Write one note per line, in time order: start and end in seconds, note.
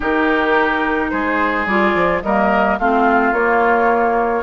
0.00 1.11 D#3
0.00 1.66 D#4
0.00 1.10 G4
0.00 1.09 A#4
1.09 1.66 G#3
1.09 2.23 G#4
1.09 1.65 C5
1.66 1.93 G3
1.66 2.24 F4
1.66 2.21 D5
1.94 2.22 F3
2.22 2.78 G3
2.22 2.80 A#3
2.22 2.79 A#4
2.22 2.78 D#5
2.78 3.32 A3
2.78 3.34 C4
2.78 4.43 F4
2.78 3.33 F5
3.32 4.43 A#3
3.32 4.43 C#5